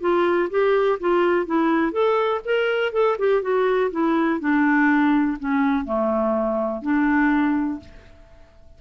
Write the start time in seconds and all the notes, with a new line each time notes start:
0.00 F4
0.49 G4
1.00 F4
1.45 E4
1.92 A4
2.44 A#4
2.92 A4
3.18 G4
3.42 F#4
3.91 E4
4.40 D4
5.39 C#4
5.84 A3
6.82 D4